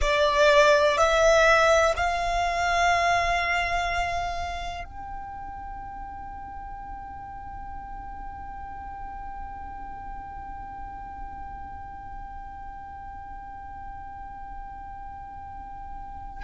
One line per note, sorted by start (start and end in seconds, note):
0.00 0.97 D5
0.97 1.94 E5
1.96 4.84 F5
4.84 16.43 G5